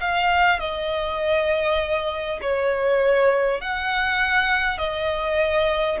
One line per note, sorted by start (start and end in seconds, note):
0.00 0.59 F5
0.59 2.39 D#5
2.41 3.61 C#5
3.61 4.78 F#5
4.78 5.98 D#5